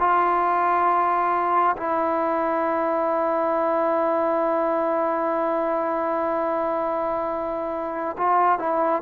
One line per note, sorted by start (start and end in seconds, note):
0.00 1.76 F4
1.77 8.17 E4
8.18 8.59 F4
8.59 9.02 E4